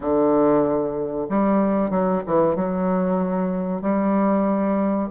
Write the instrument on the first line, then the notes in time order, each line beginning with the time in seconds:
bassoon
0.00 D3
1.29 G3
1.90 F#3
2.26 E3
2.55 F#3
3.81 G3